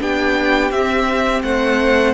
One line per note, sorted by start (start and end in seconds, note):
0.00 0.70 B3
0.00 0.71 D4
0.00 1.44 G4
0.00 0.71 G5
0.70 1.42 C4
0.70 2.14 C4
0.70 1.42 E5
1.43 2.14 A3
1.43 2.14 C5
1.43 2.14 F#5